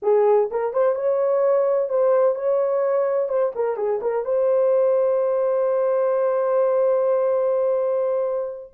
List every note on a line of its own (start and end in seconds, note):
0.02 0.49 G#4
0.50 0.73 A#4
0.73 0.95 C5
0.95 1.89 C#5
1.89 2.35 C5
2.35 3.29 C#5
3.29 3.52 C5
3.55 3.76 A#4
3.76 3.99 G#4
4.01 4.24 A#4
4.24 8.73 C5